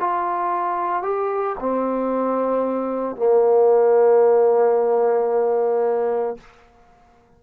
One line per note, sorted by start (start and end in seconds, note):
0.00 1.02 F4
1.02 1.56 G4
1.60 3.16 C4
3.16 6.37 A#3